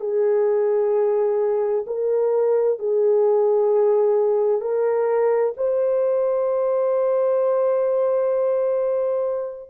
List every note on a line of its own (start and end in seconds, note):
0.00 1.85 G#4
1.86 2.79 A#4
2.79 4.61 G#4
4.61 5.53 A#4
5.57 9.69 C5